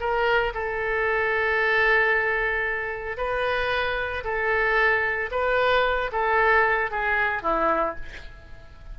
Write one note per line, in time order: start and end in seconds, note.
0.00 0.53 A#4
0.54 3.17 A4
3.17 4.23 B4
4.24 5.30 A4
5.31 6.11 B4
6.12 6.91 A4
6.91 7.42 G#4
7.42 7.95 E4